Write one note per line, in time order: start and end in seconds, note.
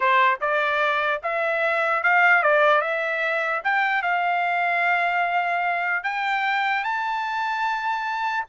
0.00 0.38 C5
0.40 1.21 D5
1.22 2.03 E5
2.03 2.43 F5
2.43 2.81 D5
2.81 3.61 E5
3.64 4.02 G5
4.02 6.03 F5
6.03 6.83 G5
6.83 8.45 A5